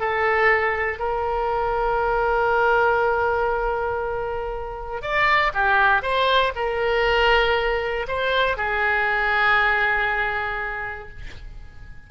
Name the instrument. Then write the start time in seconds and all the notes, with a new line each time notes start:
oboe
0.00 A4
0.99 A#4
5.02 D5
5.54 G4
6.03 C5
6.56 A#4
8.08 C5
8.57 G#4